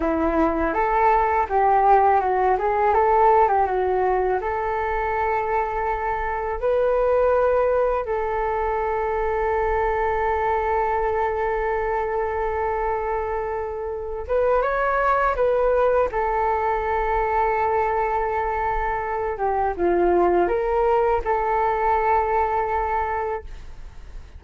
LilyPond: \new Staff \with { instrumentName = "flute" } { \time 4/4 \tempo 4 = 82 e'4 a'4 g'4 fis'8 gis'8 | a'8. g'16 fis'4 a'2~ | a'4 b'2 a'4~ | a'1~ |
a'2.~ a'8 b'8 | cis''4 b'4 a'2~ | a'2~ a'8 g'8 f'4 | ais'4 a'2. | }